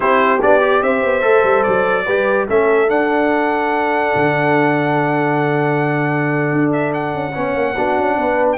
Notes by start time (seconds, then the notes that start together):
0.00 C4 E4 G4 C5
0.41 B3 D4 D5
0.60 G4
0.82 C4 C5 E5
1.02 B3
1.21 A3 A4
1.43 G3
1.63 F#3 D5
2.05 G3 G4 B4
2.49 A3 C#4 A4 E5
2.87 D4 F#5
4.15 D3
6.52 D4
6.72 E5
6.93 F#5
7.14 C#4
7.33 B3 C#4 C#5
7.55 A#3
7.74 B3 D4 F#4
7.97 C#4
8.17 B3 B4
8.52 G5